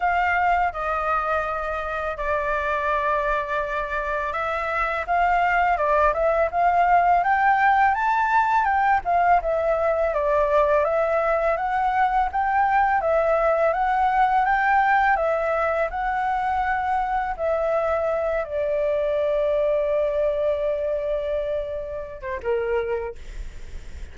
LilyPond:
\new Staff \with { instrumentName = "flute" } { \time 4/4 \tempo 4 = 83 f''4 dis''2 d''4~ | d''2 e''4 f''4 | d''8 e''8 f''4 g''4 a''4 | g''8 f''8 e''4 d''4 e''4 |
fis''4 g''4 e''4 fis''4 | g''4 e''4 fis''2 | e''4. d''2~ d''8~ | d''2~ d''8. c''16 ais'4 | }